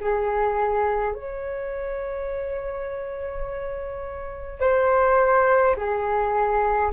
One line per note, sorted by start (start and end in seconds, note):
0.00 1.14 G#4
1.14 4.60 C#5
4.60 5.75 C5
5.76 6.91 G#4